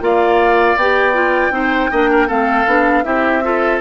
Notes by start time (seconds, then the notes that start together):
0.00 A#3 F4 D5 F5
0.75 B3 G4 G5
1.13 F4
1.50 C4 D#4 C5
1.91 A#3 D4 D#5
2.10 A#4
2.27 A3 C4 A4 F5
2.66 B3 D4
3.04 C4 E4 G4 E5
3.43 F4 A4